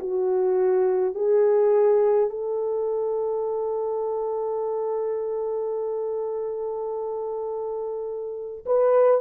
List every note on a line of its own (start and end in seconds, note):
0.00 1.15 F#4
1.15 2.30 G#4
2.30 8.65 A4
8.66 9.22 B4